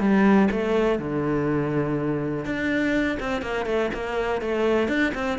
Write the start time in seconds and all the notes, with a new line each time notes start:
0.00 G3
0.51 A3
0.99 D3
2.45 D4
3.20 C4
3.42 A#3
3.66 A3
3.94 A#3
4.42 A3
4.88 D4
5.15 C4